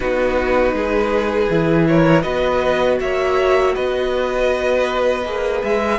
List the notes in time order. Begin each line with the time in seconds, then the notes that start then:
0.00 B3 D#4 F#4 B4
0.73 G#3 G#4
1.49 E3 E4
1.87 A#4 C#5
2.21 B3 F#4 B4 D#5
3.00 A#3 C#5 E5
3.74 B3 B4 D#5
5.25 A#3 G#4
5.63 G#3 E5